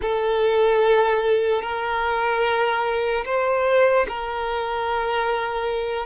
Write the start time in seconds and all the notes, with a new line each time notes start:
0.01 A4
1.62 A#4
3.25 C5
4.08 A#4